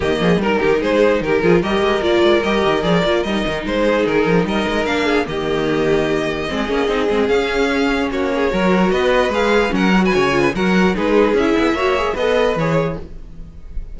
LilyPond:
<<
  \new Staff \with { instrumentName = "violin" } { \time 4/4 \tempo 4 = 148 dis''4 ais'4 c''4 ais'4 | dis''4 d''4 dis''4 d''4 | dis''4 c''4 ais'4 dis''4 | f''4 dis''2.~ |
dis''2 f''2 | cis''2 dis''4 f''4 | fis''8. gis''4~ gis''16 fis''4 b'4 | e''2 dis''4 cis''4 | }
  \new Staff \with { instrumentName = "violin" } { \time 4/4 g'8 gis'8 ais'8 g'8 gis'4 g'8 gis'8 | ais'1~ | ais'4. gis'4. ais'4~ | ais'8 gis'8 g'2. |
gis'1 | fis'8 gis'8 ais'4 b'2 | ais'8. b'16 cis''8. b'16 ais'4 gis'4~ | gis'4 cis''4 b'2 | }
  \new Staff \with { instrumentName = "viola" } { \time 4/4 ais4 dis'2~ dis'8 f'8 | g'4 f'4 g'4 gis'8 f'8 | dis'1 | d'4 ais2. |
c'8 cis'8 dis'8 c'8 cis'2~ | cis'4 fis'2 gis'4 | cis'8 fis'4 f'8 fis'4 dis'4 | e'4 fis'8 gis'8 a'4 gis'4 | }
  \new Staff \with { instrumentName = "cello" } { \time 4/4 dis8 f8 g8 dis8 gis4 dis8 f8 | g8 gis8 ais8 gis8 g8 dis8 f8 ais8 | g8 dis8 gis4 dis8 f8 g8 gis8 | ais4 dis2. |
gis8 ais8 c'8 gis8 cis'2 | ais4 fis4 b4 gis4 | fis4 cis4 fis4 gis4 | cis'8 b8 ais4 b4 e4 | }
>>